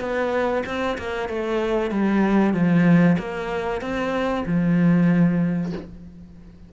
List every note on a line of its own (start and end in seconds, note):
0.00 0.63 B3
0.66 0.98 C4
0.98 1.29 A#3
1.29 1.91 A3
1.91 2.54 G3
2.54 3.17 F3
3.19 3.82 A#3
3.82 4.45 C4
4.46 5.73 F3